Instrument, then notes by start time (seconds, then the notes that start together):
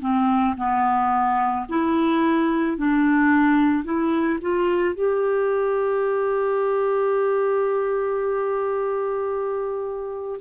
clarinet
0.00 C4
0.57 B3
1.69 E4
2.77 D4
3.84 E4
4.40 F4
4.94 G4